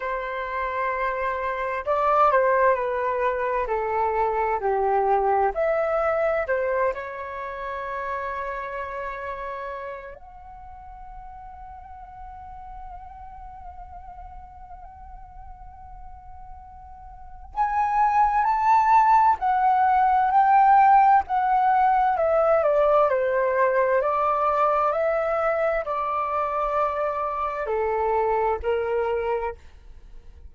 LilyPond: \new Staff \with { instrumentName = "flute" } { \time 4/4 \tempo 4 = 65 c''2 d''8 c''8 b'4 | a'4 g'4 e''4 c''8 cis''8~ | cis''2. fis''4~ | fis''1~ |
fis''2. gis''4 | a''4 fis''4 g''4 fis''4 | e''8 d''8 c''4 d''4 e''4 | d''2 a'4 ais'4 | }